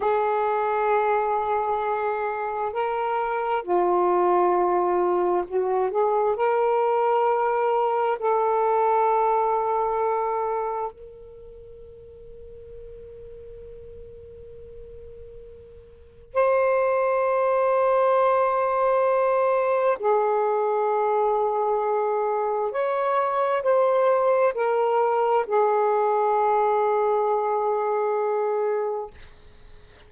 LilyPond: \new Staff \with { instrumentName = "saxophone" } { \time 4/4 \tempo 4 = 66 gis'2. ais'4 | f'2 fis'8 gis'8 ais'4~ | ais'4 a'2. | ais'1~ |
ais'2 c''2~ | c''2 gis'2~ | gis'4 cis''4 c''4 ais'4 | gis'1 | }